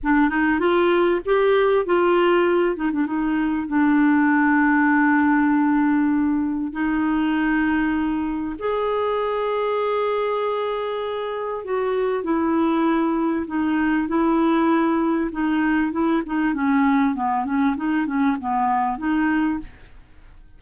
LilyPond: \new Staff \with { instrumentName = "clarinet" } { \time 4/4 \tempo 4 = 98 d'8 dis'8 f'4 g'4 f'4~ | f'8 dis'16 d'16 dis'4 d'2~ | d'2. dis'4~ | dis'2 gis'2~ |
gis'2. fis'4 | e'2 dis'4 e'4~ | e'4 dis'4 e'8 dis'8 cis'4 | b8 cis'8 dis'8 cis'8 b4 dis'4 | }